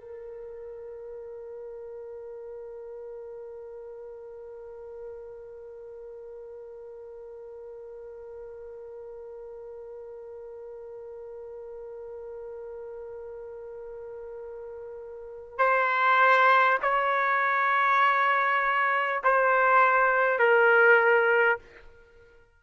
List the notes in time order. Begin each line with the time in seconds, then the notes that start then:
0.00 A#4
15.58 C5
16.82 C#5
19.24 C5
20.39 A#4